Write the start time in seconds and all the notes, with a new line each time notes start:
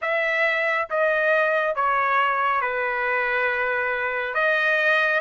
0.01 E5
0.90 D#5
1.75 C#5
2.61 B4
4.34 D#5